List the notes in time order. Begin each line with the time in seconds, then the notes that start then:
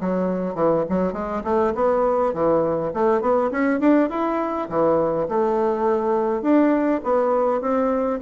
0.00 F#3
0.55 E3
0.89 F#3
1.13 G#3
1.44 A3
1.74 B3
2.33 E3
2.93 A3
3.21 B3
3.51 C#4
3.80 D4
4.10 E4
4.69 E3
5.28 A3
6.42 D4
7.03 B3
7.61 C4